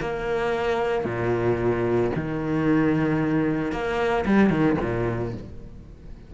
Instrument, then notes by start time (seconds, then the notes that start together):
cello
0.00 A#3
1.05 A#2
2.15 D#3
3.72 A#3
4.25 G3
4.50 D#3
4.81 A#2